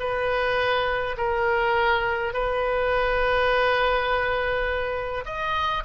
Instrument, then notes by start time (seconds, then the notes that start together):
oboe
0.00 B4
1.18 A#4
2.34 B4
5.26 D#5